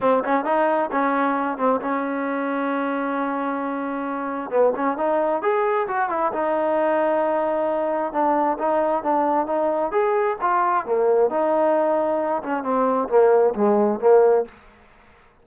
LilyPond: \new Staff \with { instrumentName = "trombone" } { \time 4/4 \tempo 4 = 133 c'8 cis'8 dis'4 cis'4. c'8 | cis'1~ | cis'2 b8 cis'8 dis'4 | gis'4 fis'8 e'8 dis'2~ |
dis'2 d'4 dis'4 | d'4 dis'4 gis'4 f'4 | ais4 dis'2~ dis'8 cis'8 | c'4 ais4 gis4 ais4 | }